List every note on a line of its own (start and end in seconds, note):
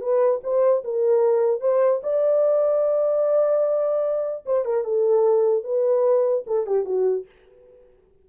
0.00 0.40 B4
0.43 0.83 C5
0.84 1.60 A#4
1.60 2.00 C5
2.03 4.44 D5
4.45 4.65 C5
4.65 4.84 A#4
4.84 5.64 A4
5.64 6.44 B4
6.46 6.66 A4
6.66 6.85 G4
6.85 7.25 F#4